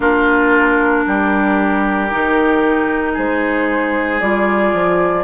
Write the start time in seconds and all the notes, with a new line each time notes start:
0.00 A#3 D4 F4 A#4
1.06 G3 G4
2.11 D#3 D#4
3.13 G#3 G#4 C5
4.20 G3 F4 D5
4.73 F3